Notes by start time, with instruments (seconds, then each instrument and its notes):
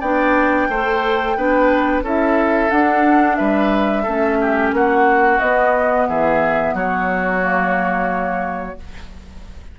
0.00 bassoon B3, clarinet D4, oboe D5, flute G5
0.69 bassoon A3, clarinet A4, oboe C5
1.36 bassoon B3, clarinet D4, oboe B4
2.02 bassoon C#4, clarinet E4, oboe A4, flute E5
2.69 clarinet D4, bassoon D4, flute F#5
3.35 bassoon G3, oboe B4, flute E5
4.03 bassoon A3, clarinet C#4, oboe A4
4.41 oboe G4
4.72 bassoon A#3, oboe F#4, flute F#5
5.39 clarinet B3, bassoon B3, flute D#5
6.08 bassoon E3, oboe G#4, flute E5
6.73 bassoon F#3, oboe F#4, flute C#5
7.40 clarinet A#3